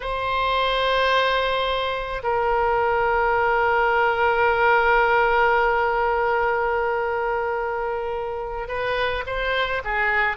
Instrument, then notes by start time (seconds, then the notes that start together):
oboe
0.00 C5
2.23 A#4
8.68 B4
9.26 C5
9.84 G#4